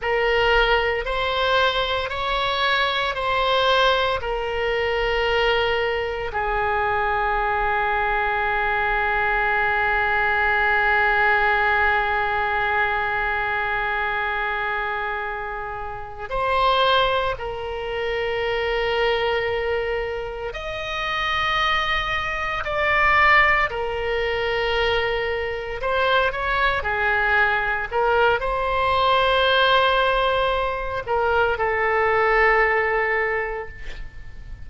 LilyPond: \new Staff \with { instrumentName = "oboe" } { \time 4/4 \tempo 4 = 57 ais'4 c''4 cis''4 c''4 | ais'2 gis'2~ | gis'1~ | gis'2.~ gis'8 c''8~ |
c''8 ais'2. dis''8~ | dis''4. d''4 ais'4.~ | ais'8 c''8 cis''8 gis'4 ais'8 c''4~ | c''4. ais'8 a'2 | }